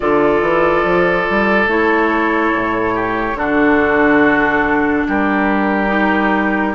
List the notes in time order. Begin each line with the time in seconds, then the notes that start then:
0.00 D3 F4 A4 D5
0.41 E3
0.83 F3
1.29 G3
1.66 A3 E4 C#5
2.54 A2
2.94 G4
3.35 D3 D4 F#4 A4
5.07 G3 G4 A#4
5.87 D#4